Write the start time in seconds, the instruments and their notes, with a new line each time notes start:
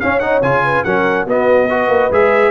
0.00 trombone C#4, tuba C#4, horn C#5, trumpet F5
0.20 trombone D#4, trumpet F#5
0.42 tuba C#3, trombone F4, trumpet G#5
0.64 horn B4
0.84 tuba F#3, trombone C#4, horn A#4, trumpet F#5
1.26 tuba B3, trombone B3, horn F#4, trumpet D#5
1.70 trombone F#4, horn B4
1.88 tuba A#3
2.11 tuba G#3, trombone G#4, trumpet E5